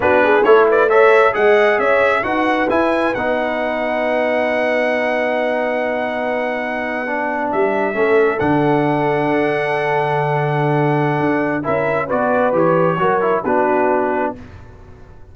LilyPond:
<<
  \new Staff \with { instrumentName = "trumpet" } { \time 4/4 \tempo 4 = 134 b'4 cis''8 d''8 e''4 fis''4 | e''4 fis''4 gis''4 fis''4~ | fis''1~ | fis''1~ |
fis''8. e''2 fis''4~ fis''16~ | fis''1~ | fis''2 e''4 d''4 | cis''2 b'2 | }
  \new Staff \with { instrumentName = "horn" } { \time 4/4 fis'8 gis'8 a'8 b'8 cis''4 dis''4 | cis''4 b'2.~ | b'1~ | b'1~ |
b'4.~ b'16 a'2~ a'16~ | a'1~ | a'2 ais'4 b'4~ | b'4 ais'4 fis'2 | }
  \new Staff \with { instrumentName = "trombone" } { \time 4/4 d'4 e'4 a'4 gis'4~ | gis'4 fis'4 e'4 dis'4~ | dis'1~ | dis'2.~ dis'8. d'16~ |
d'4.~ d'16 cis'4 d'4~ d'16~ | d'1~ | d'2 e'4 fis'4 | g'4 fis'8 e'8 d'2 | }
  \new Staff \with { instrumentName = "tuba" } { \time 4/4 b4 a2 gis4 | cis'4 dis'4 e'4 b4~ | b1~ | b1~ |
b8. g4 a4 d4~ d16~ | d1~ | d4 d'4 cis'4 b4 | e4 fis4 b2 | }
>>